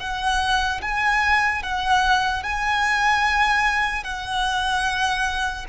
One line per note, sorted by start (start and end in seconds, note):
0.00 0.81 F#5
0.82 1.63 G#5
1.63 2.44 F#5
2.44 4.04 G#5
4.04 5.66 F#5